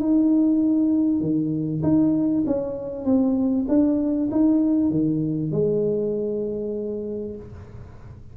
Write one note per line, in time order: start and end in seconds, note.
0.00 1.21 D#4
1.21 1.82 D#3
1.83 2.44 D#4
2.47 3.06 C#4
3.06 3.67 C4
3.69 4.30 D4
4.32 4.91 D#4
4.91 5.52 D#3
5.52 7.36 G#3